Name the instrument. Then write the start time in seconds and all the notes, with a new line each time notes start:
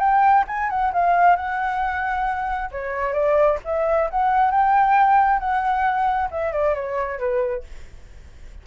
flute
0.00 G5
0.48 G#5
0.70 F#5
0.94 F5
1.37 F#5
2.72 C#5
3.13 D5
3.65 E5
4.11 F#5
4.52 G5
5.40 F#5
6.32 E5
6.53 D5
6.75 C#5
7.19 B4